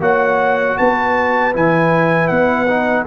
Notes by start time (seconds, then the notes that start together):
0.00 A#3 F#4 C#5 F#5
0.77 B3 B4 A5
1.53 E3 E4 G#5
2.27 B3 F#5
2.67 D#4